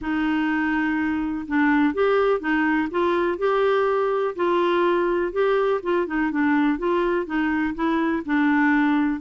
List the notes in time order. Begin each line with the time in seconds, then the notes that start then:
0.01 D#4
1.47 D4
1.94 G4
2.40 D#4
2.90 F4
3.38 G4
4.35 F4
5.32 G4
5.82 F4
6.06 D#4
6.31 D4
6.78 F4
7.26 D#4
7.74 E4
8.25 D4